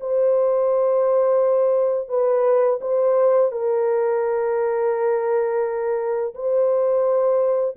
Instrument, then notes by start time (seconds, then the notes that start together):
horn
0.00 C5
2.09 B4
2.81 C5
3.52 A#4
6.34 C5